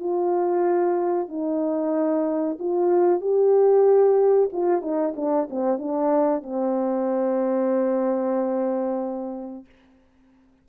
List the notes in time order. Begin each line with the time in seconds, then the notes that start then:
0.00 F4
1.29 D#4
2.60 F4
3.21 G4
4.53 F4
4.82 D#4
5.16 D4
5.50 C4
5.79 D4
6.43 C4